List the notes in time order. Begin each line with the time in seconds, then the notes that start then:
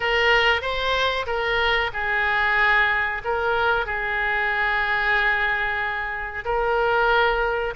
0.00 A#4
0.61 C5
1.26 A#4
1.93 G#4
3.24 A#4
3.86 G#4
6.45 A#4